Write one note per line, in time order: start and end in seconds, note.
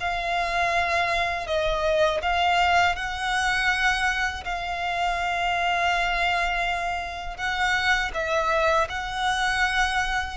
0.00 1.47 F5
1.47 2.21 D#5
2.22 2.96 F5
2.96 4.44 F#5
4.44 7.37 F5
7.37 8.11 F#5
8.14 8.88 E5
8.89 10.37 F#5